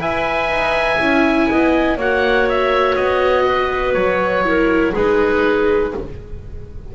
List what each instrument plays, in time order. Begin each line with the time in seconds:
0.00 double bass E4, viola B4, clarinet E5, oboe G#5
0.49 double bass D#4
1.00 double bass C#4, viola E4
1.50 double bass B3, clarinet D#5
1.97 double bass A#3, viola F#4, clarinet C#5, oboe F#5
2.49 oboe E5
2.96 double bass B3, oboe D#5
3.46 clarinet B4
3.94 double bass F#3, oboe C#5
4.45 viola E4, clarinet A#4
4.93 double bass G#3, viola D#4, clarinet G#4, oboe B4